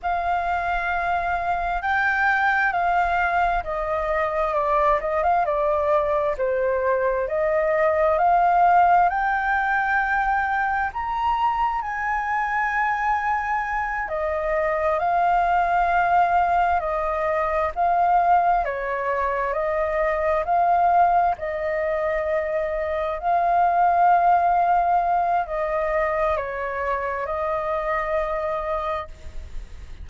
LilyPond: \new Staff \with { instrumentName = "flute" } { \time 4/4 \tempo 4 = 66 f''2 g''4 f''4 | dis''4 d''8 dis''16 f''16 d''4 c''4 | dis''4 f''4 g''2 | ais''4 gis''2~ gis''8 dis''8~ |
dis''8 f''2 dis''4 f''8~ | f''8 cis''4 dis''4 f''4 dis''8~ | dis''4. f''2~ f''8 | dis''4 cis''4 dis''2 | }